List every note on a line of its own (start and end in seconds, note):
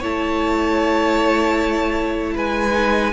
0.00 2.37 A3
0.00 2.72 E4
0.00 2.34 C#5
0.00 2.37 A5
2.35 3.13 G#3
2.35 3.13 B4
2.35 3.13 G#5
2.72 3.11 D#4